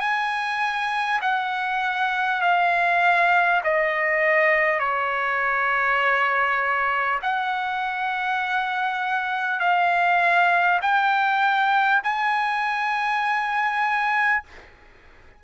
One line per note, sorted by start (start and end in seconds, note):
0.00 1.20 G#5
1.22 2.42 F#5
2.42 3.62 F5
3.64 4.79 D#5
4.79 7.19 C#5
7.23 9.60 F#5
9.60 10.80 F5
10.82 12.02 G5
12.04 14.44 G#5